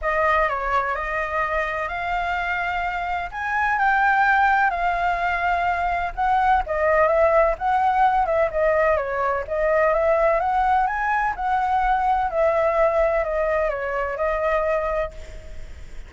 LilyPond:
\new Staff \with { instrumentName = "flute" } { \time 4/4 \tempo 4 = 127 dis''4 cis''4 dis''2 | f''2. gis''4 | g''2 f''2~ | f''4 fis''4 dis''4 e''4 |
fis''4. e''8 dis''4 cis''4 | dis''4 e''4 fis''4 gis''4 | fis''2 e''2 | dis''4 cis''4 dis''2 | }